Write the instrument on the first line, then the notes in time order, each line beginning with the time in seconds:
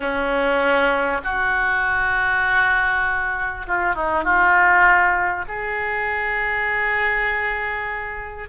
oboe
0.00 C#4
1.24 F#4
3.67 F4
3.94 D#4
4.24 F4
5.48 G#4